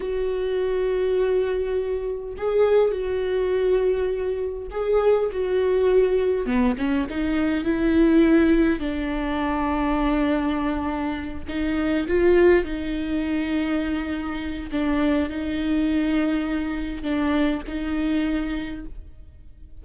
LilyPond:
\new Staff \with { instrumentName = "viola" } { \time 4/4 \tempo 4 = 102 fis'1 | gis'4 fis'2. | gis'4 fis'2 b8 cis'8 | dis'4 e'2 d'4~ |
d'2.~ d'8 dis'8~ | dis'8 f'4 dis'2~ dis'8~ | dis'4 d'4 dis'2~ | dis'4 d'4 dis'2 | }